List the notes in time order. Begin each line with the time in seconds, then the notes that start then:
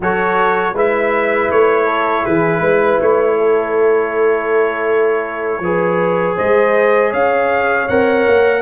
0.00 F#3 F#4 A4 C#5
0.73 G#3 E4 B4 E5
1.51 A3 C#5
1.85 A4
2.24 E3 G#4 B4
2.59 G#3 B4
3.00 A3 C#5
3.39 A4
5.59 F3 G#4 B4
6.35 G#3 C5 D#5
7.10 C#4 C#5 F5
7.88 C4 A#4 F#5
8.27 A#3